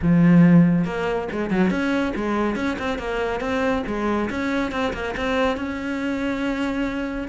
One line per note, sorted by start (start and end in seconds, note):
0.02 0.85 F3
0.85 1.27 A#3
1.31 1.50 G#3
1.50 1.70 F#3
1.70 2.13 C#4
2.15 2.55 G#3
2.55 2.77 C#4
2.78 2.98 C4
2.98 3.40 A#3
3.40 3.83 C4
3.86 4.29 G#3
4.30 4.71 C#4
4.71 4.93 C4
4.93 5.14 A#3
5.16 5.56 C4
5.56 7.28 C#4